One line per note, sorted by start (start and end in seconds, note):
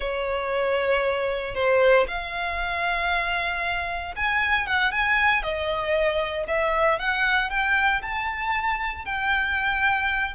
0.00 1.54 C#5
1.54 2.06 C5
2.07 4.14 F5
4.16 4.66 G#5
4.66 4.91 F#5
4.91 5.43 G#5
5.43 6.46 D#5
6.47 6.99 E5
6.99 7.50 F#5
7.50 8.01 G5
8.01 9.05 A5
9.05 10.34 G5